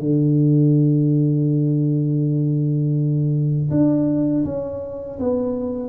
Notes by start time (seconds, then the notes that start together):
0.00 D3
3.71 D4
4.45 C#4
5.20 B3